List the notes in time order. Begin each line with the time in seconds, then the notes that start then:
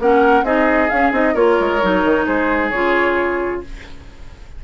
0.00 A#3 C#4 A#4 F#5
0.43 C4 D#4 G#4 D#5
0.89 C#4 F5
1.12 C4 D#4 D#5
1.34 A#3 F4 A#4 C#5
1.60 G#3
1.82 F#3 D#4
2.04 D#3
2.26 G#3 G#4 C5
2.70 C#3 F4 C#5